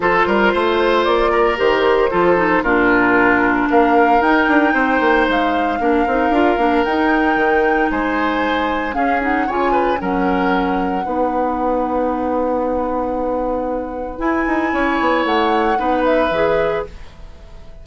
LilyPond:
<<
  \new Staff \with { instrumentName = "flute" } { \time 4/4 \tempo 4 = 114 c''2 d''4 c''4~ | c''4 ais'2 f''4 | g''2 f''2~ | f''4 g''2 gis''4~ |
gis''4 f''8 fis''8 gis''4 fis''4~ | fis''1~ | fis''2. gis''4~ | gis''4 fis''4. e''4. | }
  \new Staff \with { instrumentName = "oboe" } { \time 4/4 a'8 ais'8 c''4. ais'4. | a'4 f'2 ais'4~ | ais'4 c''2 ais'4~ | ais'2. c''4~ |
c''4 gis'4 cis''8 b'8 ais'4~ | ais'4 b'2.~ | b'1 | cis''2 b'2 | }
  \new Staff \with { instrumentName = "clarinet" } { \time 4/4 f'2. g'4 | f'8 dis'8 d'2. | dis'2. d'8 dis'8 | f'8 d'8 dis'2.~ |
dis'4 cis'8 dis'8 f'4 cis'4~ | cis'4 dis'2.~ | dis'2. e'4~ | e'2 dis'4 gis'4 | }
  \new Staff \with { instrumentName = "bassoon" } { \time 4/4 f8 g8 a4 ais4 dis4 | f4 ais,2 ais4 | dis'8 d'8 c'8 ais8 gis4 ais8 c'8 | d'8 ais8 dis'4 dis4 gis4~ |
gis4 cis'4 cis4 fis4~ | fis4 b2.~ | b2. e'8 dis'8 | cis'8 b8 a4 b4 e4 | }
>>